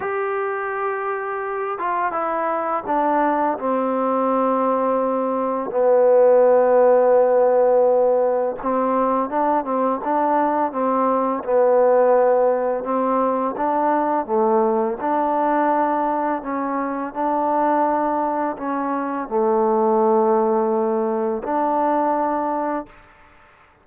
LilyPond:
\new Staff \with { instrumentName = "trombone" } { \time 4/4 \tempo 4 = 84 g'2~ g'8 f'8 e'4 | d'4 c'2. | b1 | c'4 d'8 c'8 d'4 c'4 |
b2 c'4 d'4 | a4 d'2 cis'4 | d'2 cis'4 a4~ | a2 d'2 | }